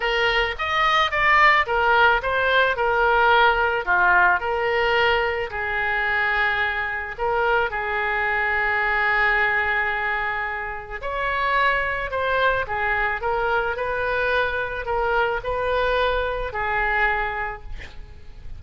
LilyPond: \new Staff \with { instrumentName = "oboe" } { \time 4/4 \tempo 4 = 109 ais'4 dis''4 d''4 ais'4 | c''4 ais'2 f'4 | ais'2 gis'2~ | gis'4 ais'4 gis'2~ |
gis'1 | cis''2 c''4 gis'4 | ais'4 b'2 ais'4 | b'2 gis'2 | }